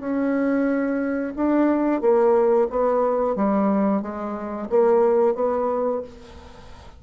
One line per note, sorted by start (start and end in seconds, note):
0.00 1.33 C#4
1.36 2.01 D4
2.01 2.68 A#3
2.70 3.36 B3
3.36 4.02 G3
4.02 4.68 G#3
4.70 5.35 A#3
5.35 6.02 B3